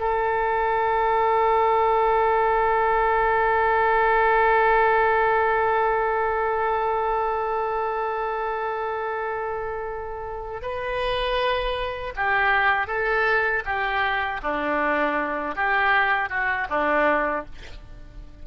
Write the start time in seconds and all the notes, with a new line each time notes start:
0.00 A4
10.62 B4
12.16 G4
12.87 A4
13.65 G4
14.43 D4
15.56 G4
16.30 F#4
16.70 D4